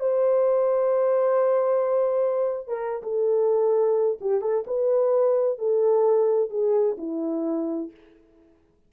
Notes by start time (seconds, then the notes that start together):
0.00 C5
2.68 A#4
3.03 A4
4.21 G4
4.41 A4
4.67 B4
5.58 A4
6.50 G#4
6.98 E4